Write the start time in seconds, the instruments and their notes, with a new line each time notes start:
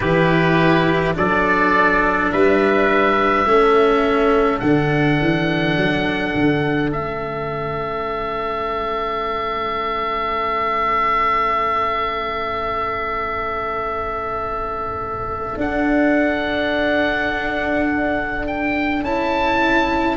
0.00 tuba E3, cello E4, trumpet G4, oboe B4
1.13 tuba F#3, cello D4, trumpet A4, oboe D5
2.31 tuba G3, trumpet B4, oboe E5
3.45 tuba A3, cello C#4, trumpet A4
4.59 tuba D3, cello D4, oboe F#5
5.21 tuba E3
5.76 tuba F#3
6.34 tuba D3
6.92 tuba A3, cello C#4, oboe E5
15.56 tuba D4, cello D4, oboe F#5
18.46 oboe G5
19.02 tuba C#4, cello E4, oboe A5